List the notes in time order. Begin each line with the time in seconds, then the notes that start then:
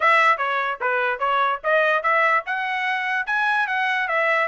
0.00 E5
0.37 C#5
0.80 B4
1.19 C#5
1.63 D#5
2.02 E5
2.46 F#5
3.26 G#5
3.67 F#5
4.08 E5